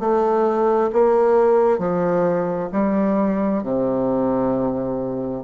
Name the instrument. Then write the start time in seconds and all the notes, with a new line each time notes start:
bassoon
0.00 A3
0.93 A#3
1.79 F3
2.72 G3
3.63 C3